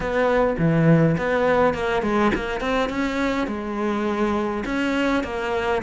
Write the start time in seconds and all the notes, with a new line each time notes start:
0.00 B3
0.58 E3
1.17 B3
1.74 A#3
2.02 G#3
2.35 A#3
2.60 C4
2.89 C#4
3.47 G#3
4.65 C#4
5.23 A#3